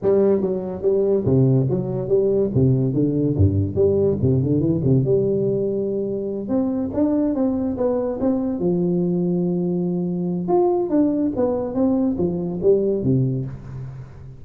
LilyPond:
\new Staff \with { instrumentName = "tuba" } { \time 4/4 \tempo 4 = 143 g4 fis4 g4 c4 | fis4 g4 c4 d4 | g,4 g4 c8 d8 e8 c8 | g2.~ g8 c'8~ |
c'8 d'4 c'4 b4 c'8~ | c'8 f2.~ f8~ | f4 f'4 d'4 b4 | c'4 f4 g4 c4 | }